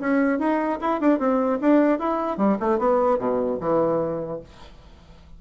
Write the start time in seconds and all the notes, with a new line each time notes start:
0.00 C#4
0.39 D#4
0.81 E4
1.00 D4
1.19 C4
1.61 D4
1.99 E4
2.37 G3
2.60 A3
2.78 B3
3.19 B2
3.60 E3